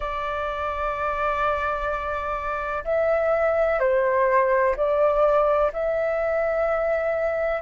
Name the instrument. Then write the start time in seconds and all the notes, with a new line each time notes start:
flute
0.00 D5
2.84 E5
3.79 C5
4.76 D5
5.72 E5